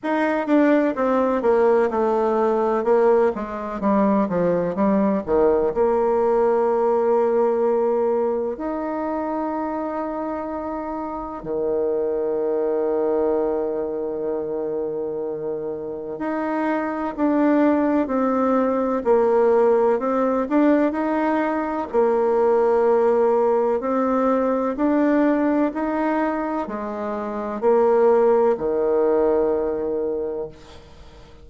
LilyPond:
\new Staff \with { instrumentName = "bassoon" } { \time 4/4 \tempo 4 = 63 dis'8 d'8 c'8 ais8 a4 ais8 gis8 | g8 f8 g8 dis8 ais2~ | ais4 dis'2. | dis1~ |
dis4 dis'4 d'4 c'4 | ais4 c'8 d'8 dis'4 ais4~ | ais4 c'4 d'4 dis'4 | gis4 ais4 dis2 | }